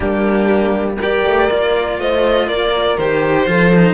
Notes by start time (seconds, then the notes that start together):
0.00 G3 A#3 D4 G4
0.97 G4 A#4 D5
1.24 A3
1.49 A#3 F4
1.99 A3 C5 D#5
2.47 A#3 A#4 D5
2.97 D#3 G4 C5
3.46 F3 F4 A4
3.74 D#4